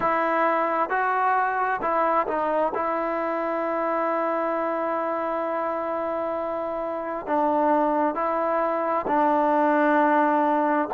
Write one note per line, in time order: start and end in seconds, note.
0.00 0.89 E4
0.89 1.80 F#4
1.81 2.26 E4
2.27 2.72 D#4
2.74 7.26 E4
7.26 8.14 D4
8.14 9.05 E4
9.07 10.88 D4